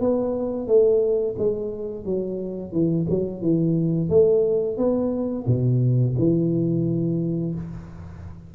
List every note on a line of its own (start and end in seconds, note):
0.00 0.67 B3
0.67 1.35 A3
1.38 2.05 G#3
2.05 2.72 F#3
2.72 3.06 E3
3.09 3.41 F#3
3.41 4.09 E3
4.09 4.77 A3
4.77 5.45 B3
5.46 6.15 B2
6.18 7.54 E3